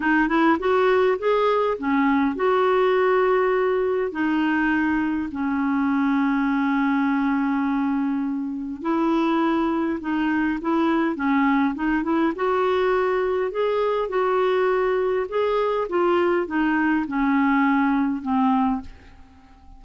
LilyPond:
\new Staff \with { instrumentName = "clarinet" } { \time 4/4 \tempo 4 = 102 dis'8 e'8 fis'4 gis'4 cis'4 | fis'2. dis'4~ | dis'4 cis'2.~ | cis'2. e'4~ |
e'4 dis'4 e'4 cis'4 | dis'8 e'8 fis'2 gis'4 | fis'2 gis'4 f'4 | dis'4 cis'2 c'4 | }